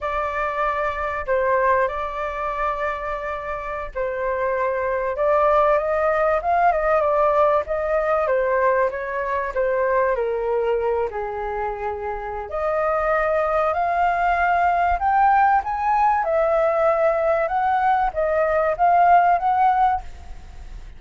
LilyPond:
\new Staff \with { instrumentName = "flute" } { \time 4/4 \tempo 4 = 96 d''2 c''4 d''4~ | d''2~ d''16 c''4.~ c''16~ | c''16 d''4 dis''4 f''8 dis''8 d''8.~ | d''16 dis''4 c''4 cis''4 c''8.~ |
c''16 ais'4. gis'2~ gis'16 | dis''2 f''2 | g''4 gis''4 e''2 | fis''4 dis''4 f''4 fis''4 | }